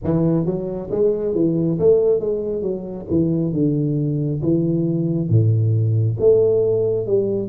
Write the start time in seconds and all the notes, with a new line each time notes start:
0.04 E3
0.45 F#3
0.91 G#3
1.34 E3
1.79 A3
2.20 G#3
2.61 F#3
3.10 E3
3.53 D3
4.42 E3
5.29 A2
6.19 A3
7.06 G3